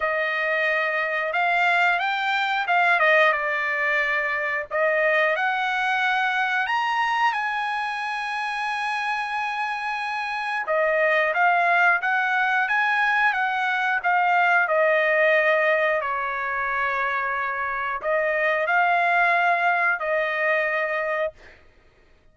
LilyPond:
\new Staff \with { instrumentName = "trumpet" } { \time 4/4 \tempo 4 = 90 dis''2 f''4 g''4 | f''8 dis''8 d''2 dis''4 | fis''2 ais''4 gis''4~ | gis''1 |
dis''4 f''4 fis''4 gis''4 | fis''4 f''4 dis''2 | cis''2. dis''4 | f''2 dis''2 | }